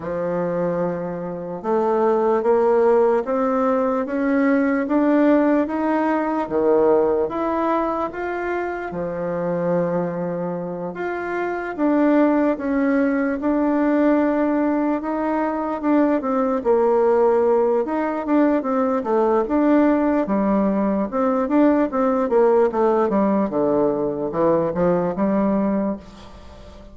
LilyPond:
\new Staff \with { instrumentName = "bassoon" } { \time 4/4 \tempo 4 = 74 f2 a4 ais4 | c'4 cis'4 d'4 dis'4 | dis4 e'4 f'4 f4~ | f4. f'4 d'4 cis'8~ |
cis'8 d'2 dis'4 d'8 | c'8 ais4. dis'8 d'8 c'8 a8 | d'4 g4 c'8 d'8 c'8 ais8 | a8 g8 d4 e8 f8 g4 | }